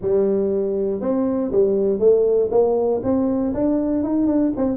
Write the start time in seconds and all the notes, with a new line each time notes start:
0.01 G3
1.00 C4
1.51 G3
1.99 A3
2.50 A#3
3.03 C4
3.54 D4
4.03 D#4
4.27 D4
4.56 C4